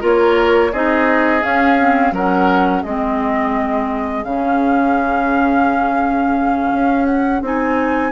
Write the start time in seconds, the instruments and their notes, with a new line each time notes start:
0.00 bassoon A#3, clarinet F4, oboe A#4, flute C#5
0.72 bassoon C4, clarinet D#4, oboe G#4, flute D#5
1.40 clarinet C#4, bassoon C#4, flute F5
1.78 clarinet C4
2.11 bassoon F#3, clarinet C#4, oboe A#4, flute F#5
2.82 bassoon G#3, clarinet C4, oboe G#4, flute D#5
4.24 bassoon C#3, clarinet C#4, flute F5
6.72 bassoon C#4
7.05 flute F#5
7.41 bassoon C4, clarinet D#4, flute G#5